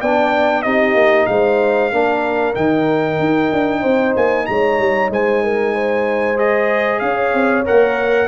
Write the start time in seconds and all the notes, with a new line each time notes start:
0.00 B3 D4 D5 G5
0.62 C4 D#4 G4 D#5
0.95 A#3
1.26 G#3 C5 F5
1.92 A#3 D4 A#4
2.55 D#3 D#4 G5
3.20 D#4
3.52 D4
3.80 C4 C5
4.16 A#3 G#5
4.46 G#3 C#5 A#5
4.79 G3
5.10 G#3 C5 G#5
5.43 A#4
5.74 C5
6.37 G#4 D#5
7.00 C#4 C#5 F5
7.34 C4
7.65 A#3 A#4 F#5